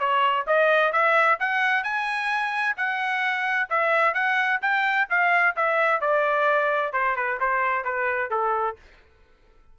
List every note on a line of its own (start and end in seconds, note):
0.00 0.46 C#5
0.47 0.93 D#5
0.93 1.39 E5
1.40 1.84 F#5
1.84 2.77 G#5
2.77 3.69 F#5
3.70 4.14 E5
4.14 4.60 F#5
4.62 5.08 G5
5.10 5.56 F5
5.56 6.01 E5
6.01 6.93 D5
6.93 7.16 C5
7.16 7.40 B4
7.40 7.85 C5
7.85 8.31 B4
8.31 8.77 A4